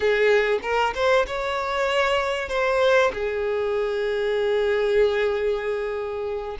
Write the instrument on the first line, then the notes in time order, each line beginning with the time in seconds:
violin
0.00 G#4
0.62 A#4
0.94 C5
1.26 C#5
2.49 C5
3.13 G#4